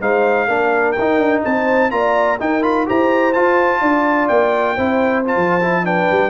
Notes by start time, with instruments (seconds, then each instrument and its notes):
0.00 tuba G#3, trombone D#4, horn C5, trumpet F5
0.47 tuba A#3, trombone D4, horn A#4
0.92 trumpet G5
0.98 tuba D#4, trombone D#4
1.17 tuba D4
1.44 tuba C4, horn C5, trumpet A5
1.90 tuba A#3, trombone F4, horn D5, trumpet A#5
2.39 trombone D#4, tuba D#4, horn A#4, trumpet G5
2.61 trombone F4, trumpet B5
2.85 tuba E4, trombone G4, horn C5, trumpet A#5
3.33 trombone F4, tuba F4, trumpet A5
3.80 tuba D4, horn D5
4.28 tuba A#3, trumpet G5
4.75 tuba C4, trombone E4, horn C5
5.25 trombone F4, trumpet A5
5.36 tuba F3
5.61 trombone E4
5.84 trombone D4, horn B4, trumpet G5
6.10 tuba G3